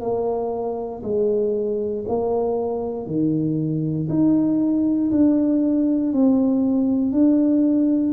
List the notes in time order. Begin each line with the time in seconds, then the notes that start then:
0.00 A#3
1.03 G#3
2.08 A#3
3.06 D#3
4.09 D#4
5.11 D4
6.12 C4
7.11 D4